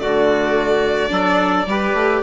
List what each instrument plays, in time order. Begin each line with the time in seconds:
0.00 bassoon D3, viola A3, trumpet F#4, violin D5
1.09 bassoon F#3, viola D4, trumpet A4
1.66 bassoon G3, viola G4, trumpet B4
1.94 bassoon A3